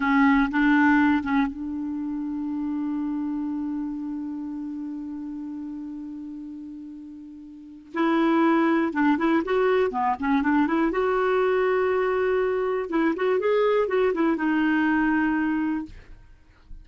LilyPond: \new Staff \with { instrumentName = "clarinet" } { \time 4/4 \tempo 4 = 121 cis'4 d'4. cis'8 d'4~ | d'1~ | d'1~ | d'1 |
e'2 d'8 e'8 fis'4 | b8 cis'8 d'8 e'8 fis'2~ | fis'2 e'8 fis'8 gis'4 | fis'8 e'8 dis'2. | }